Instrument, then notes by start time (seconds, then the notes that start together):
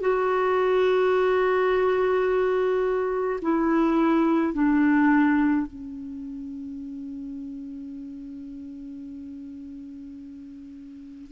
clarinet
0.00 F#4
3.41 E4
4.53 D4
5.66 C#4